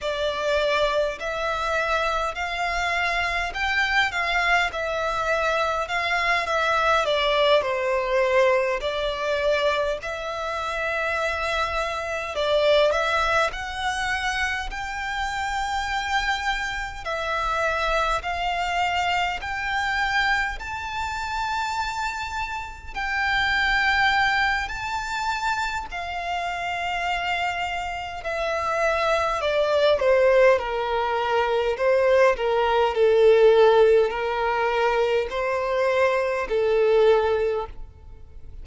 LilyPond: \new Staff \with { instrumentName = "violin" } { \time 4/4 \tempo 4 = 51 d''4 e''4 f''4 g''8 f''8 | e''4 f''8 e''8 d''8 c''4 d''8~ | d''8 e''2 d''8 e''8 fis''8~ | fis''8 g''2 e''4 f''8~ |
f''8 g''4 a''2 g''8~ | g''4 a''4 f''2 | e''4 d''8 c''8 ais'4 c''8 ais'8 | a'4 ais'4 c''4 a'4 | }